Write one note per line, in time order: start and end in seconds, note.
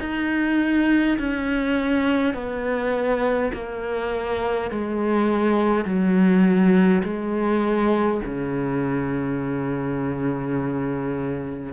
0.00 1.18 D#4
1.19 2.34 C#4
2.34 3.52 B3
3.53 4.71 A#3
4.71 5.85 G#3
5.85 7.03 F#3
7.04 8.21 G#3
8.25 11.73 C#3